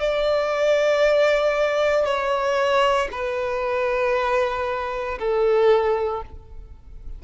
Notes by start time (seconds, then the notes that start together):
0.00 D5
2.05 C#5
3.11 B4
5.19 A4